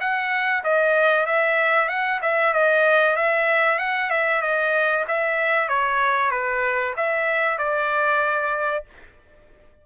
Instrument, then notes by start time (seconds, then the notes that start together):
trumpet
0.00 F#5
0.63 D#5
1.26 E5
1.89 F#5
2.22 E5
2.53 D#5
3.16 E5
3.78 F#5
4.10 E5
4.42 D#5
5.07 E5
5.68 C#5
6.31 B4
6.96 E5
7.58 D5